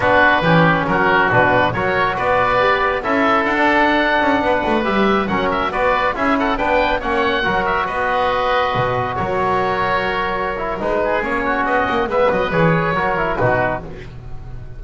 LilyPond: <<
  \new Staff \with { instrumentName = "oboe" } { \time 4/4 \tempo 4 = 139 b'2 ais'4 b'4 | cis''4 d''2 e''4 | fis''2.~ fis''16 e''8.~ | e''16 fis''8 e''8 d''4 e''8 fis''8 g''8.~ |
g''16 fis''4. e''8 dis''4.~ dis''16~ | dis''4~ dis''16 cis''2~ cis''8.~ | cis''4 b'4 cis''4 dis''4 | e''8 dis''8 cis''2 b'4 | }
  \new Staff \with { instrumentName = "oboe" } { \time 4/4 fis'4 g'4 fis'2 | ais'4 b'2 a'4~ | a'2~ a'16 b'4.~ b'16~ | b'16 ais'4 b'4 gis'8 a'8 b'8.~ |
b'16 cis''4 ais'4 b'4.~ b'16~ | b'4~ b'16 ais'2~ ais'8.~ | ais'4. gis'4 fis'4. | b'2 ais'4 fis'4 | }
  \new Staff \with { instrumentName = "trombone" } { \time 4/4 d'4 cis'2 d'4 | fis'2 g'4 e'4~ | e'16 d'2. g'8.~ | g'16 cis'4 fis'4 e'4 d'8.~ |
d'16 cis'4 fis'2~ fis'8.~ | fis'1~ | fis'8 e'8 dis'4 cis'2 | b4 gis'4 fis'8 e'8 dis'4 | }
  \new Staff \with { instrumentName = "double bass" } { \time 4/4 b4 e4 fis4 b,4 | fis4 b2 cis'4 | d'4.~ d'16 cis'8 b8 a8 g8.~ | g16 fis4 b4 cis'4 b8.~ |
b16 ais4 fis4 b4.~ b16~ | b16 b,4 fis2~ fis8.~ | fis4 gis4 ais4 b8 ais8 | gis8 fis8 e4 fis4 b,4 | }
>>